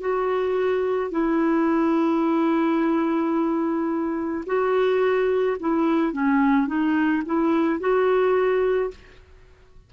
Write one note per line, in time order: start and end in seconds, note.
0.00 1.11 F#4
1.11 4.44 E4
4.46 5.57 F#4
5.60 6.13 E4
6.13 6.67 C#4
6.67 7.22 D#4
7.25 7.80 E4
7.80 8.91 F#4